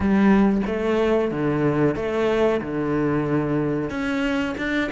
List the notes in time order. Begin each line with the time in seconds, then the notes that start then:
0.00 G3
0.66 A3
1.31 D3
1.95 A3
2.61 D3
3.90 C#4
4.57 D4